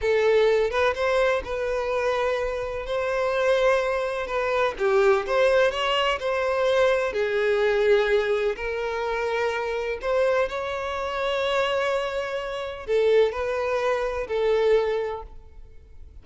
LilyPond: \new Staff \with { instrumentName = "violin" } { \time 4/4 \tempo 4 = 126 a'4. b'8 c''4 b'4~ | b'2 c''2~ | c''4 b'4 g'4 c''4 | cis''4 c''2 gis'4~ |
gis'2 ais'2~ | ais'4 c''4 cis''2~ | cis''2. a'4 | b'2 a'2 | }